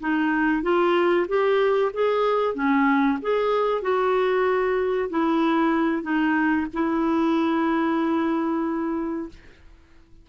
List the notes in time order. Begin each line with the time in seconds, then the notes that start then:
0.00 D#4
0.62 F4
1.28 G4
1.93 G#4
2.54 C#4
3.21 G#4
3.82 F#4
5.09 E4
6.02 D#4
6.73 E4